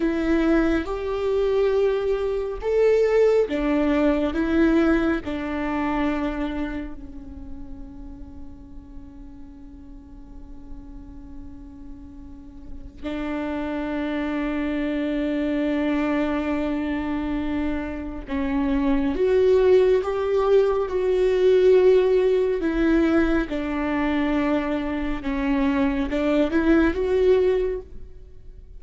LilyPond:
\new Staff \with { instrumentName = "viola" } { \time 4/4 \tempo 4 = 69 e'4 g'2 a'4 | d'4 e'4 d'2 | cis'1~ | cis'2. d'4~ |
d'1~ | d'4 cis'4 fis'4 g'4 | fis'2 e'4 d'4~ | d'4 cis'4 d'8 e'8 fis'4 | }